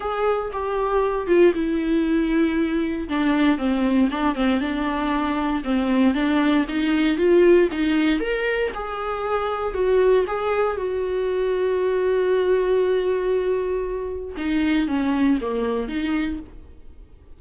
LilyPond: \new Staff \with { instrumentName = "viola" } { \time 4/4 \tempo 4 = 117 gis'4 g'4. f'8 e'4~ | e'2 d'4 c'4 | d'8 c'8 d'2 c'4 | d'4 dis'4 f'4 dis'4 |
ais'4 gis'2 fis'4 | gis'4 fis'2.~ | fis'1 | dis'4 cis'4 ais4 dis'4 | }